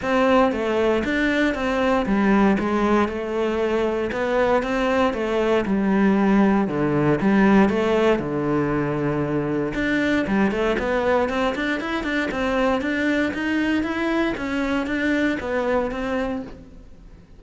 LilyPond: \new Staff \with { instrumentName = "cello" } { \time 4/4 \tempo 4 = 117 c'4 a4 d'4 c'4 | g4 gis4 a2 | b4 c'4 a4 g4~ | g4 d4 g4 a4 |
d2. d'4 | g8 a8 b4 c'8 d'8 e'8 d'8 | c'4 d'4 dis'4 e'4 | cis'4 d'4 b4 c'4 | }